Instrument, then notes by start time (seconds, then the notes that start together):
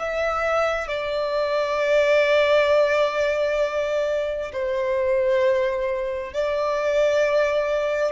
violin
0.00 E5
0.88 D5
4.53 C5
6.34 D5